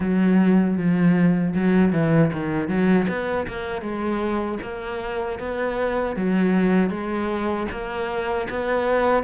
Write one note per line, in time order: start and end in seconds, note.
0.00 0.77 F#3
0.77 1.54 F3
1.55 1.92 F#3
1.92 2.31 E3
2.32 2.68 D#3
2.68 3.07 F#3
3.08 3.47 B3
3.47 3.81 A#3
3.81 4.58 G#3
4.62 5.38 A#3
5.38 6.15 B3
6.15 6.90 F#3
6.90 7.66 G#3
7.71 8.48 A#3
8.49 9.23 B3